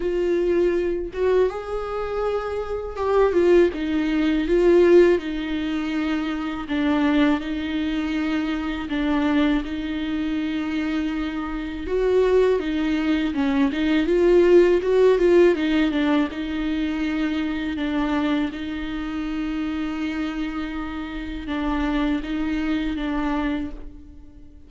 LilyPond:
\new Staff \with { instrumentName = "viola" } { \time 4/4 \tempo 4 = 81 f'4. fis'8 gis'2 | g'8 f'8 dis'4 f'4 dis'4~ | dis'4 d'4 dis'2 | d'4 dis'2. |
fis'4 dis'4 cis'8 dis'8 f'4 | fis'8 f'8 dis'8 d'8 dis'2 | d'4 dis'2.~ | dis'4 d'4 dis'4 d'4 | }